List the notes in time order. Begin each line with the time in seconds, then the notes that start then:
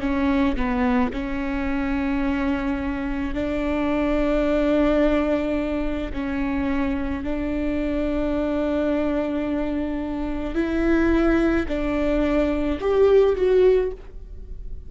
0.00 C#4
0.56 B3
1.13 C#4
3.34 D4
6.13 C#4
7.23 D4
10.55 E4
11.68 D4
12.80 G4
13.35 F#4